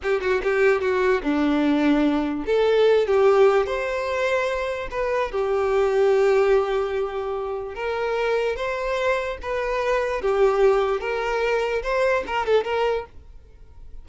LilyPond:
\new Staff \with { instrumentName = "violin" } { \time 4/4 \tempo 4 = 147 g'8 fis'8 g'4 fis'4 d'4~ | d'2 a'4. g'8~ | g'4 c''2. | b'4 g'2.~ |
g'2. ais'4~ | ais'4 c''2 b'4~ | b'4 g'2 ais'4~ | ais'4 c''4 ais'8 a'8 ais'4 | }